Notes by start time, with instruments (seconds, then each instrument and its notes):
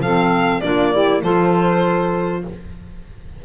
0.00 double bass F3, clarinet C4, saxophone A4, violin F5
0.60 double bass A#3, clarinet D4, saxophone F4, violin D5
0.92 clarinet E4, saxophone G4
1.22 double bass F3, clarinet F4, saxophone A4, violin C5